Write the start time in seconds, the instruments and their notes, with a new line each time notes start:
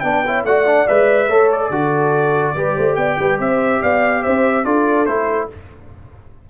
0.00 tuba B3, trombone D4, horn B4, trumpet G5
0.26 trombone E4, horn C#5
0.44 tuba A3, trombone F#4, horn D5, trumpet F#5
0.66 trombone D4
0.87 tuba G#3, trombone B4, trumpet E5
1.28 tuba A3, trombone A4, horn C#5
1.52 trumpet D5
1.70 tuba D3, trombone F#4, horn A4
2.55 tuba G3, trombone G4, horn B4
2.76 tuba A3, horn C5
2.95 tuba B3, horn D5, trumpet G5
3.19 tuba G3, horn B4
3.39 tuba C4, horn C5, trumpet E5
3.81 tuba B3, horn D5, trumpet F5
4.22 tuba C4, horn C5, trumpet E5
4.64 tuba D4, trombone F4, horn A4, trumpet D5
5.06 tuba A3, trombone E4, trumpet C5